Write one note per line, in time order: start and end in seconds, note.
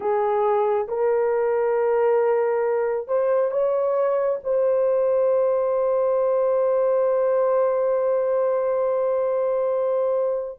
0.00 0.87 G#4
0.88 3.07 A#4
3.07 3.51 C5
3.51 4.39 C#5
4.43 10.59 C5